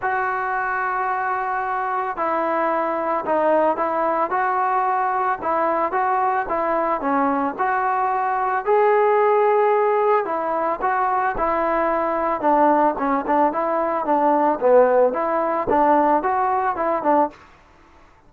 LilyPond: \new Staff \with { instrumentName = "trombone" } { \time 4/4 \tempo 4 = 111 fis'1 | e'2 dis'4 e'4 | fis'2 e'4 fis'4 | e'4 cis'4 fis'2 |
gis'2. e'4 | fis'4 e'2 d'4 | cis'8 d'8 e'4 d'4 b4 | e'4 d'4 fis'4 e'8 d'8 | }